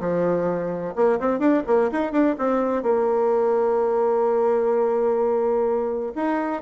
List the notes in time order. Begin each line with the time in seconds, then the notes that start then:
0.00 F3
0.96 A#3
1.20 C4
1.40 D4
1.67 A#3
1.92 D#4
2.12 D4
2.38 C4
2.83 A#3
6.15 D#4